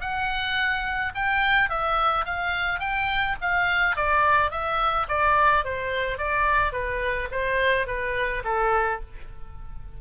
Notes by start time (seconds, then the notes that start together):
0.00 F#5
1.14 G5
1.69 E5
2.25 F5
2.79 G5
3.41 F5
3.96 D5
4.50 E5
5.08 D5
5.64 C5
6.18 D5
6.72 B4
7.31 C5
7.86 B4
8.44 A4